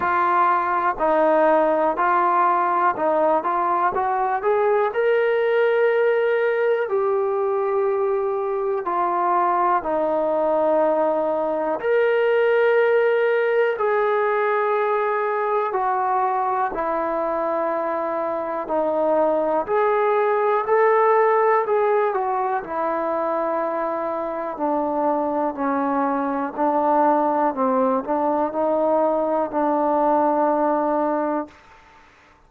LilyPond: \new Staff \with { instrumentName = "trombone" } { \time 4/4 \tempo 4 = 61 f'4 dis'4 f'4 dis'8 f'8 | fis'8 gis'8 ais'2 g'4~ | g'4 f'4 dis'2 | ais'2 gis'2 |
fis'4 e'2 dis'4 | gis'4 a'4 gis'8 fis'8 e'4~ | e'4 d'4 cis'4 d'4 | c'8 d'8 dis'4 d'2 | }